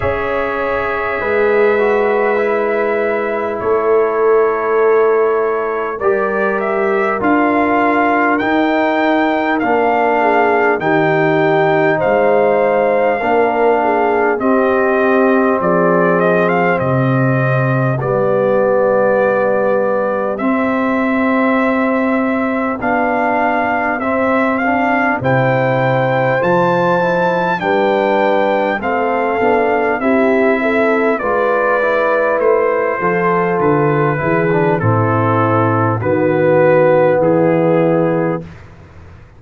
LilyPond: <<
  \new Staff \with { instrumentName = "trumpet" } { \time 4/4 \tempo 4 = 50 e''2. cis''4~ | cis''4 d''8 e''8 f''4 g''4 | f''4 g''4 f''2 | dis''4 d''8 dis''16 f''16 dis''4 d''4~ |
d''4 e''2 f''4 | e''8 f''8 g''4 a''4 g''4 | f''4 e''4 d''4 c''4 | b'4 a'4 b'4 gis'4 | }
  \new Staff \with { instrumentName = "horn" } { \time 4/4 cis''4 b'2 a'4~ | a'4 ais'2.~ | ais'8 gis'8 g'4 c''4 ais'8 gis'8 | g'4 gis'4 g'2~ |
g'1~ | g'4 c''2 b'4 | a'4 g'8 a'8 b'4. a'8~ | a'8 gis'8 e'4 fis'4 e'4 | }
  \new Staff \with { instrumentName = "trombone" } { \time 4/4 gis'4. fis'8 e'2~ | e'4 g'4 f'4 dis'4 | d'4 dis'2 d'4 | c'2. b4~ |
b4 c'2 d'4 | c'8 d'8 e'4 f'8 e'8 d'4 | c'8 d'8 e'4 f'8 e'4 f'8~ | f'8 e'16 d'16 c'4 b2 | }
  \new Staff \with { instrumentName = "tuba" } { \time 4/4 cis'4 gis2 a4~ | a4 g4 d'4 dis'4 | ais4 dis4 gis4 ais4 | c'4 f4 c4 g4~ |
g4 c'2 b4 | c'4 c4 f4 g4 | a8 b8 c'4 gis4 a8 f8 | d8 e8 a,4 dis4 e4 | }
>>